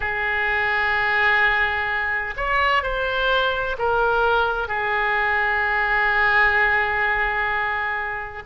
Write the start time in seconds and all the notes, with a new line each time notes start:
0.00 G#4
2.37 C#5
2.83 C5
3.78 A#4
4.67 G#4